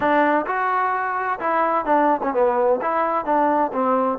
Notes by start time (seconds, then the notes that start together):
0.00 D4
0.46 F#4
1.39 E4
1.85 D4
2.22 C#4
2.33 B3
2.81 E4
3.25 D4
3.72 C4